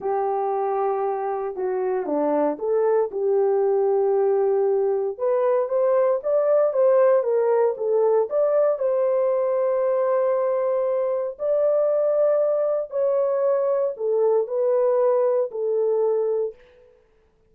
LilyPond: \new Staff \with { instrumentName = "horn" } { \time 4/4 \tempo 4 = 116 g'2. fis'4 | d'4 a'4 g'2~ | g'2 b'4 c''4 | d''4 c''4 ais'4 a'4 |
d''4 c''2.~ | c''2 d''2~ | d''4 cis''2 a'4 | b'2 a'2 | }